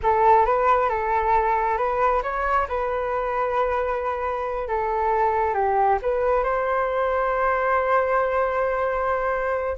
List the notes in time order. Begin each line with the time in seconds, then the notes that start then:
0.02 A4
0.45 B4
0.89 A4
1.77 B4
2.23 C#5
2.68 B4
4.67 A4
5.54 G4
6.02 B4
6.43 C5